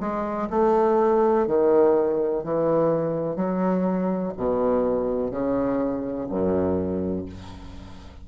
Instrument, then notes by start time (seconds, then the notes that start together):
bassoon
0.00 G#3
0.50 A3
1.47 D#3
2.44 E3
3.36 F#3
4.37 B2
5.31 C#3
6.29 F#2